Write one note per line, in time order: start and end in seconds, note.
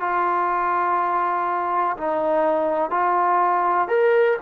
0.00 1.97 F4
1.97 2.90 D#4
2.90 3.88 F4
3.88 4.37 A#4